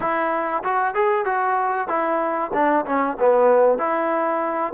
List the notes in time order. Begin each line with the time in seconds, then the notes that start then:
0.00 E4
0.63 F#4
0.94 G#4
1.25 F#4
1.88 E4
2.53 D4
2.85 C#4
3.19 B3
3.78 E4